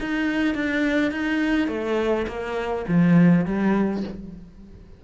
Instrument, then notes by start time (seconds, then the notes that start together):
cello
0.00 D#4
0.55 D4
1.11 D#4
1.68 A3
2.27 A#3
2.88 F3
3.45 G3